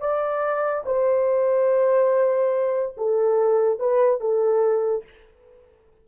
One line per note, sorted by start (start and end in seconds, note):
0.00 0.84 D5
0.86 2.95 C5
2.97 3.79 A4
3.79 4.20 B4
4.20 5.04 A4